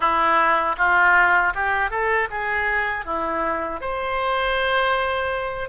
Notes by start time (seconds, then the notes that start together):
0.00 E4
0.77 F4
1.54 G4
1.90 A4
2.30 G#4
3.05 E4
3.80 C5